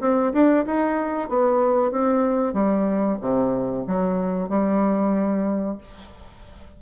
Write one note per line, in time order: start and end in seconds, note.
0.00 0.32 C4
0.33 0.65 D4
0.65 1.28 D#4
1.28 1.91 B3
1.91 2.53 C4
2.53 3.18 G3
3.21 3.85 C3
3.87 4.48 F#3
4.48 5.77 G3